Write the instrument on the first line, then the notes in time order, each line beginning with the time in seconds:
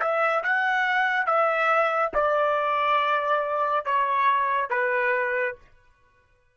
trumpet
0.00 E5
0.44 F#5
1.26 E5
2.14 D5
3.85 C#5
4.70 B4